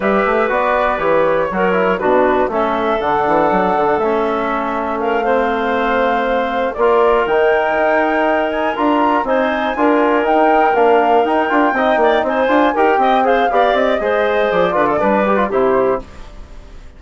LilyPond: <<
  \new Staff \with { instrumentName = "flute" } { \time 4/4 \tempo 4 = 120 e''4 d''4 cis''2 | b'4 e''4 fis''2 | e''2 f''2~ | f''4. d''4 g''4.~ |
g''4 gis''8 ais''4 gis''4.~ | gis''8 g''4 f''4 g''4.~ | g''8 gis''4 g''4 f''4 dis''8~ | dis''4 d''2 c''4 | }
  \new Staff \with { instrumentName = "clarinet" } { \time 4/4 b'2. ais'4 | fis'4 a'2.~ | a'2 ais'8 c''4.~ | c''4. ais'2~ ais'8~ |
ais'2~ ais'8 c''4 ais'8~ | ais'2.~ ais'8 dis''8 | d''8 c''4 ais'8 dis''8 c''8 d''4 | c''4. b'16 a'16 b'4 g'4 | }
  \new Staff \with { instrumentName = "trombone" } { \time 4/4 g'4 fis'4 g'4 fis'8 e'8 | d'4 cis'4 d'2 | cis'2~ cis'8 c'4.~ | c'4. f'4 dis'4.~ |
dis'4. f'4 dis'4 f'8~ | f'8 dis'4 d'4 dis'8 f'8 dis'8~ | dis'4 f'8 g'4 gis'8 g'4 | gis'4. f'8 d'8 g'16 f'16 e'4 | }
  \new Staff \with { instrumentName = "bassoon" } { \time 4/4 g8 a8 b4 e4 fis4 | b,4 a4 d8 e8 fis8 d8 | a1~ | a4. ais4 dis4 dis'8~ |
dis'4. d'4 c'4 d'8~ | d'8 dis'4 ais4 dis'8 d'8 c'8 | ais8 c'8 d'8 dis'8 c'4 b8 c'8 | gis4 f8 d8 g4 c4 | }
>>